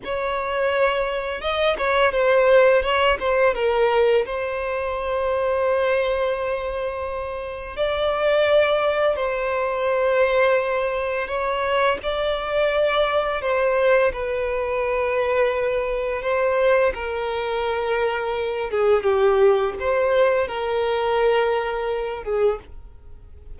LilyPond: \new Staff \with { instrumentName = "violin" } { \time 4/4 \tempo 4 = 85 cis''2 dis''8 cis''8 c''4 | cis''8 c''8 ais'4 c''2~ | c''2. d''4~ | d''4 c''2. |
cis''4 d''2 c''4 | b'2. c''4 | ais'2~ ais'8 gis'8 g'4 | c''4 ais'2~ ais'8 gis'8 | }